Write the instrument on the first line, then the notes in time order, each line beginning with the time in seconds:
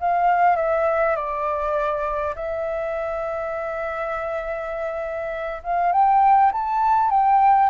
flute
0.00 F5
0.56 E5
1.16 D5
2.35 E5
5.63 F5
5.92 G5
6.52 A5
7.10 G5